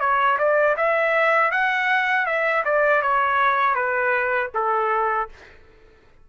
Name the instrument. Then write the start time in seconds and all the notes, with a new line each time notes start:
trumpet
0.00 C#5
0.39 D5
0.77 E5
1.51 F#5
2.26 E5
2.65 D5
3.02 C#5
3.75 B4
4.54 A4